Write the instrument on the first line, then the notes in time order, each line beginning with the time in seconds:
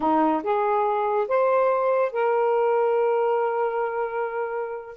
saxophone
0.00 D#4
0.43 G#4
1.28 C5
2.12 A#4